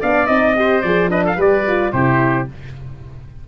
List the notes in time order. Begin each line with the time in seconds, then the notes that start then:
0.00 B3 D4 D5 F5
0.26 C4 D#4 D#5
0.55 G4 C5
0.81 F3 G#4 D5
1.08 D4 B4 D#5
1.24 A4 F5
1.36 G3 G4 B4 D5
1.67 F4
1.92 C3 E4 G4 C5